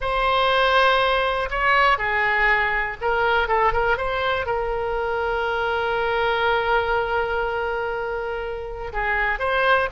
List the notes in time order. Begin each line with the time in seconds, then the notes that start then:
0.00 C5
1.50 C#5
1.98 G#4
3.01 A#4
3.47 A4
3.73 A#4
3.97 C5
4.46 A#4
8.92 G#4
9.39 C5